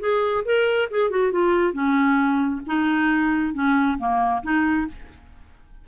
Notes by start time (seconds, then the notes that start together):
0.00 G#4
0.45 A#4
0.91 G#4
1.10 F#4
1.32 F4
1.73 C#4
2.67 D#4
3.54 C#4
3.98 A#3
4.43 D#4